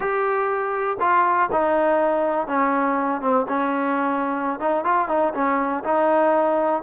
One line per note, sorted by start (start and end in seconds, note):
0.00 0.97 G4
1.00 1.49 F4
1.51 2.47 D#4
2.47 3.21 C#4
3.21 3.46 C4
3.48 4.59 C#4
4.59 4.84 D#4
4.84 5.08 F4
5.08 5.33 D#4
5.34 5.83 C#4
5.84 6.82 D#4